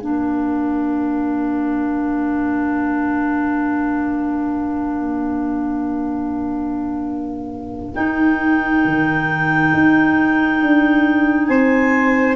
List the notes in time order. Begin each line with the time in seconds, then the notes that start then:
0.00 A#3 D4 A#4 F5
7.95 D#4 G5
8.85 D#3
9.74 D#4
10.62 D4
11.47 C4 C5 G#5